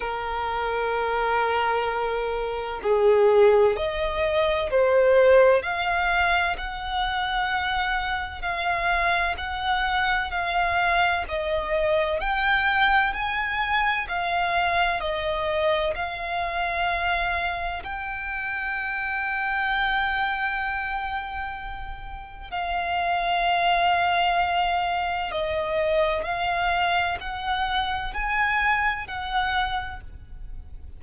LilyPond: \new Staff \with { instrumentName = "violin" } { \time 4/4 \tempo 4 = 64 ais'2. gis'4 | dis''4 c''4 f''4 fis''4~ | fis''4 f''4 fis''4 f''4 | dis''4 g''4 gis''4 f''4 |
dis''4 f''2 g''4~ | g''1 | f''2. dis''4 | f''4 fis''4 gis''4 fis''4 | }